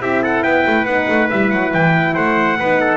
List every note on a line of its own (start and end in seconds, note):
0.00 0.43 C4
0.00 0.87 E4
0.00 0.22 G4
0.00 0.22 E5
0.22 0.42 A4
0.22 0.43 F#5
0.42 0.65 B3
0.42 2.14 B4
0.42 0.85 G5
0.66 0.85 A3
0.85 1.07 B3
0.85 1.29 D#4
0.85 1.28 F#5
1.09 1.30 A3
1.30 1.53 G3
1.30 2.58 E4
1.30 1.50 E5
1.50 1.74 F#3
1.50 1.72 F#5
1.73 2.16 E3
1.73 2.14 G5
2.14 2.59 A3
2.14 2.57 C5
2.14 2.97 F#5
2.59 2.97 B3
2.59 2.97 D#4
2.59 2.80 B4
2.80 2.97 A4